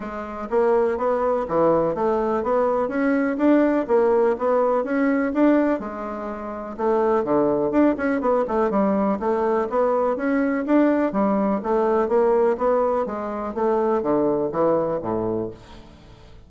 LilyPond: \new Staff \with { instrumentName = "bassoon" } { \time 4/4 \tempo 4 = 124 gis4 ais4 b4 e4 | a4 b4 cis'4 d'4 | ais4 b4 cis'4 d'4 | gis2 a4 d4 |
d'8 cis'8 b8 a8 g4 a4 | b4 cis'4 d'4 g4 | a4 ais4 b4 gis4 | a4 d4 e4 a,4 | }